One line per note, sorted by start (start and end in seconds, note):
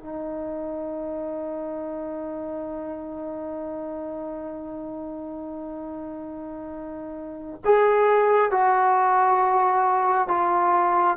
0.00 7.61 D#4
7.65 8.51 G#4
8.51 10.28 F#4
10.28 11.17 F4